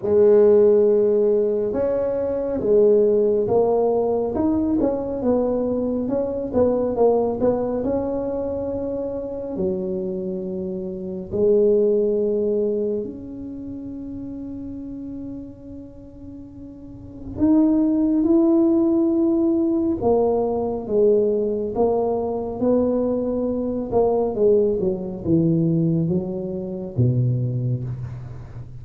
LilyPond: \new Staff \with { instrumentName = "tuba" } { \time 4/4 \tempo 4 = 69 gis2 cis'4 gis4 | ais4 dis'8 cis'8 b4 cis'8 b8 | ais8 b8 cis'2 fis4~ | fis4 gis2 cis'4~ |
cis'1 | dis'4 e'2 ais4 | gis4 ais4 b4. ais8 | gis8 fis8 e4 fis4 b,4 | }